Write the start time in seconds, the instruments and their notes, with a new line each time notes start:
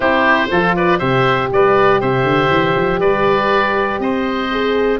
0.00 tuba C4, horn E4, oboe G4 C5
0.50 tuba F3, horn F4, oboe A4
0.75 oboe B4 D5
0.98 tuba C3, horn G4, oboe C5 E5
1.52 tuba G3, oboe B4 D5
2.00 tuba C3, oboe C5 E5
2.23 tuba D3
2.49 tuba E3
2.75 tuba F3
2.99 tuba G3, oboe B4 D5
3.99 tuba C4, oboe C5 D#5
4.51 horn G#4